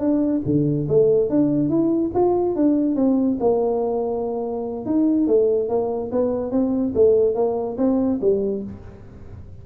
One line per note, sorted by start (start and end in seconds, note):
0.00 0.42 D4
0.46 0.88 D3
0.89 1.30 A3
1.30 1.70 D4
1.70 2.12 E4
2.15 2.56 F4
2.56 2.96 D4
2.96 3.38 C4
3.40 4.86 A#3
4.86 5.28 D#4
5.28 5.69 A3
5.69 6.11 A#3
6.12 6.52 B3
6.52 6.94 C4
6.95 7.35 A3
7.35 7.77 A#3
7.78 8.20 C4
8.22 8.64 G3